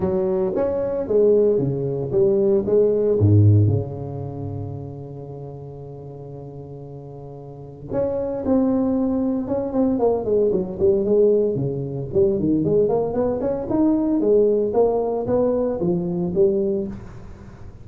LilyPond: \new Staff \with { instrumentName = "tuba" } { \time 4/4 \tempo 4 = 114 fis4 cis'4 gis4 cis4 | g4 gis4 gis,4 cis4~ | cis1~ | cis2. cis'4 |
c'2 cis'8 c'8 ais8 gis8 | fis8 g8 gis4 cis4 g8 dis8 | gis8 ais8 b8 cis'8 dis'4 gis4 | ais4 b4 f4 g4 | }